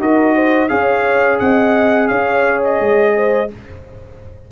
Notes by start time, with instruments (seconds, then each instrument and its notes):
0.00 tuba D#4, trombone F#4, horn A#4, trumpet D#5
0.35 horn C5
0.69 tuba C#4, trombone G#4, horn C#5, trumpet F5
1.40 tuba C4, horn D#5, trumpet F#5
2.08 tuba C#4, horn C#5, trumpet F5
2.65 trumpet D#5
2.81 tuba G#3
3.16 horn C5